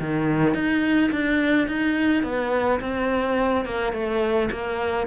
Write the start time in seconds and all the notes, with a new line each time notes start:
0.00 D#3
0.54 D#4
1.11 D4
1.67 D#4
2.23 B3
2.80 C4
3.65 A#3
3.93 A3
4.51 A#3